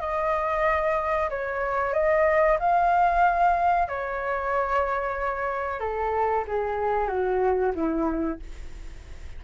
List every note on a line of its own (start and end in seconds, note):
0.00 1.29 D#5
1.30 1.93 C#5
1.93 2.57 D#5
2.59 3.88 F5
3.88 5.80 C#5
5.80 6.44 A4
6.47 7.07 G#4
7.07 7.72 F#4
7.74 8.39 E4